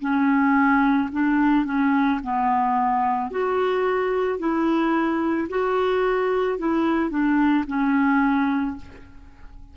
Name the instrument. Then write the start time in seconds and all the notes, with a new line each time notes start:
clarinet
0.00 C#4
1.12 D4
1.65 C#4
2.23 B3
3.31 F#4
4.39 E4
5.49 F#4
6.58 E4
7.10 D4
7.67 C#4